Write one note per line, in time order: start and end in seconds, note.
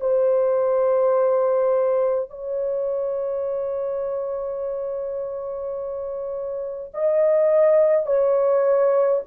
0.00 2.30 C5
2.30 6.91 C#5
6.94 8.06 D#5
8.06 9.22 C#5